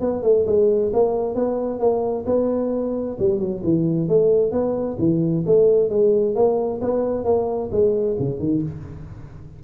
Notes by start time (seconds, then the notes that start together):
0.00 B3
0.23 A3
0.46 G#3
0.93 A#3
1.34 B3
1.79 A#3
2.26 B3
3.19 G3
3.39 F#3
3.63 E3
4.08 A3
4.51 B3
4.99 E3
5.46 A3
5.89 G#3
6.35 A#3
6.81 B3
7.24 A#3
7.71 G#3
8.19 C#3
8.39 D#3